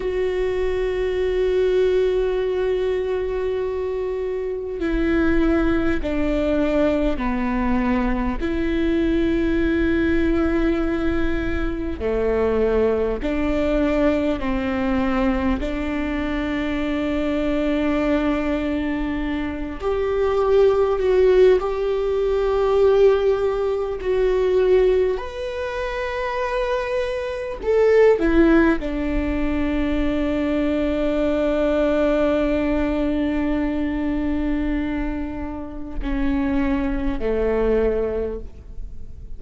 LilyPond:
\new Staff \with { instrumentName = "viola" } { \time 4/4 \tempo 4 = 50 fis'1 | e'4 d'4 b4 e'4~ | e'2 a4 d'4 | c'4 d'2.~ |
d'8 g'4 fis'8 g'2 | fis'4 b'2 a'8 e'8 | d'1~ | d'2 cis'4 a4 | }